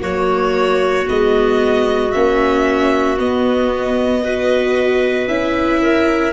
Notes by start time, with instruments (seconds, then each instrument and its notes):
0.00 tuba F#3, viola A#3, clarinet F#4, violin C#5
1.07 tuba G#3, viola B3, violin D#5
2.13 tuba A#3, viola C#4, violin E5
3.17 viola B3, tuba B3, violin D#5
4.23 viola F#4, clarinet B4
5.27 tuba C#4, viola E4, violin E5
5.82 clarinet A#4